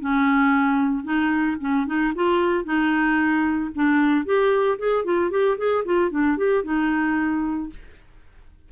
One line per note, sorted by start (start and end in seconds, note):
0.00 1.04 C#4
1.04 1.57 D#4
1.60 1.86 C#4
1.86 2.13 D#4
2.15 2.65 F4
2.65 3.71 D#4
3.75 4.25 D4
4.25 4.78 G4
4.78 5.05 G#4
5.05 5.30 F4
5.30 5.57 G4
5.58 5.84 G#4
5.85 6.11 F4
6.11 6.37 D4
6.37 6.64 G4
6.64 7.70 D#4